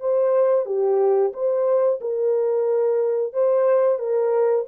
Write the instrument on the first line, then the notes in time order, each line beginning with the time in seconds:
horn
0.00 C5
0.66 G4
1.33 C5
2.01 A#4
3.33 C5
3.99 A#4